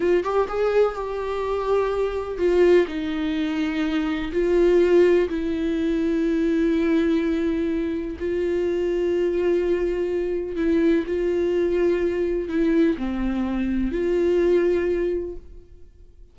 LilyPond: \new Staff \with { instrumentName = "viola" } { \time 4/4 \tempo 4 = 125 f'8 g'8 gis'4 g'2~ | g'4 f'4 dis'2~ | dis'4 f'2 e'4~ | e'1~ |
e'4 f'2.~ | f'2 e'4 f'4~ | f'2 e'4 c'4~ | c'4 f'2. | }